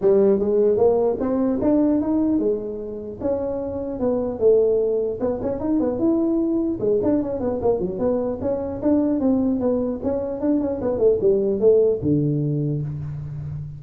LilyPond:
\new Staff \with { instrumentName = "tuba" } { \time 4/4 \tempo 4 = 150 g4 gis4 ais4 c'4 | d'4 dis'4 gis2 | cis'2 b4 a4~ | a4 b8 cis'8 dis'8 b8 e'4~ |
e'4 gis8 d'8 cis'8 b8 ais8 fis8 | b4 cis'4 d'4 c'4 | b4 cis'4 d'8 cis'8 b8 a8 | g4 a4 d2 | }